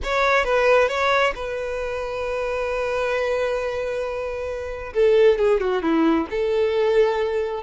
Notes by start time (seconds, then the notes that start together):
0.03 C#5
0.44 B4
0.88 C#5
1.35 B4
4.93 A4
5.38 G#4
5.60 F#4
5.82 E4
6.30 A4